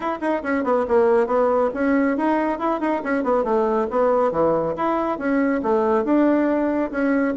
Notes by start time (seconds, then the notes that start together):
0.00 E4
0.20 D#4
0.42 C#4
0.64 B3
0.88 A#3
1.27 B3
1.74 C#4
2.17 D#4
2.58 E4
2.80 D#4
3.03 C#4
3.23 B3
3.44 A3
3.90 B3
4.31 E3
4.76 E4
5.18 C#4
5.62 A3
6.04 D4
6.91 C#4